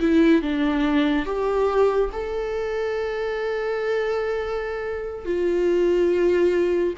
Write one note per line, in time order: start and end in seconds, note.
0.00 0.42 E4
0.42 1.26 D4
1.26 2.10 G4
2.12 5.25 A4
5.25 6.94 F4